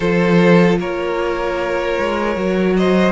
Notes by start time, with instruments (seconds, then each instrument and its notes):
0.00 cello F3, viola F4, violin A4 C5
0.79 cello A#3, violin A#4 C#5
1.98 cello G#3
2.35 cello F#3, viola F#4
2.76 violin C5 D#5